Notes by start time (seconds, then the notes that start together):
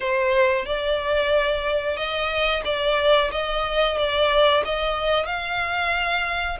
0.00 C5
0.65 D5
1.96 D#5
2.64 D5
3.31 D#5
3.97 D5
4.65 D#5
5.26 F5